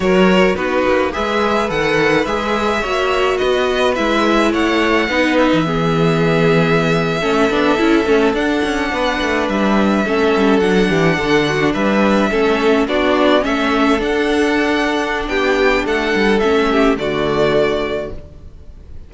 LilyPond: <<
  \new Staff \with { instrumentName = "violin" } { \time 4/4 \tempo 4 = 106 cis''4 b'4 e''4 fis''4 | e''2 dis''4 e''4 | fis''4. e''2~ e''8~ | e''2~ e''8. fis''4~ fis''16~ |
fis''8. e''2 fis''4~ fis''16~ | fis''8. e''2 d''4 e''16~ | e''8. fis''2~ fis''16 g''4 | fis''4 e''4 d''2 | }
  \new Staff \with { instrumentName = "violin" } { \time 4/4 ais'4 fis'4 b'2~ | b'4 cis''4 b'2 | cis''4 b'4 gis'2~ | gis'8. a'2. b'16~ |
b'4.~ b'16 a'4. g'8 a'16~ | a'16 fis'8 b'4 a'4 fis'4 a'16~ | a'2. g'4 | a'4. g'8 fis'2 | }
  \new Staff \with { instrumentName = "viola" } { \time 4/4 fis'4 dis'4 gis'4 a'4 | gis'4 fis'2 e'4~ | e'4 dis'4 b2~ | b8. cis'8 d'8 e'8 cis'8 d'4~ d'16~ |
d'4.~ d'16 cis'4 d'4~ d'16~ | d'4.~ d'16 cis'4 d'4 cis'16~ | cis'8. d'2.~ d'16~ | d'4 cis'4 a2 | }
  \new Staff \with { instrumentName = "cello" } { \time 4/4 fis4 b8 ais8 gis4 dis4 | gis4 ais4 b4 gis4 | a4 b8. e2~ e16~ | e8. a8 b8 cis'8 a8 d'8 cis'8 b16~ |
b16 a8 g4 a8 g8 fis8 e8 d16~ | d8. g4 a4 b4 a16~ | a8. d'2~ d'16 b4 | a8 g8 a4 d2 | }
>>